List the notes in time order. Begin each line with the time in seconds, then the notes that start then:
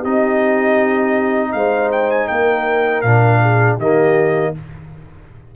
0.00 C4 D#4 G4 D#5
1.53 G#3 C5 F5
1.93 G5
2.11 G#5
2.28 A#3 A#4 G5
3.02 A#2 D4 F5
3.42 G#4
3.78 D#3 A#3 G4 D#5